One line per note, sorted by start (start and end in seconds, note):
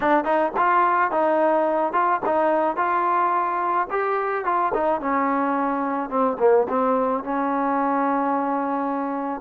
0.00 0.24 D4
0.24 0.52 D#4
0.57 1.11 F4
1.11 1.92 D#4
1.92 2.20 F4
2.25 2.76 D#4
2.76 3.87 F4
3.90 4.44 G4
4.44 4.72 F4
4.74 5.00 D#4
5.00 6.09 C#4
6.09 6.37 C4
6.39 6.67 A#3
6.68 7.23 C4
7.23 9.41 C#4